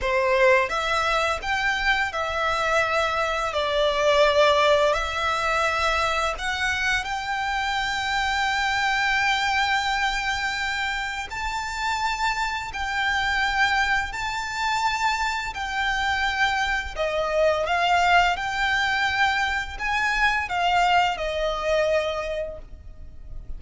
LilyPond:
\new Staff \with { instrumentName = "violin" } { \time 4/4 \tempo 4 = 85 c''4 e''4 g''4 e''4~ | e''4 d''2 e''4~ | e''4 fis''4 g''2~ | g''1 |
a''2 g''2 | a''2 g''2 | dis''4 f''4 g''2 | gis''4 f''4 dis''2 | }